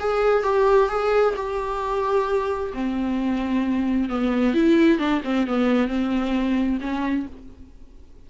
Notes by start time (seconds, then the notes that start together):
0.00 G#4
0.44 G4
0.89 G#4
1.36 G4
2.74 C4
4.10 B3
4.54 E4
4.99 D4
5.25 C4
5.48 B3
5.88 C4
6.81 C#4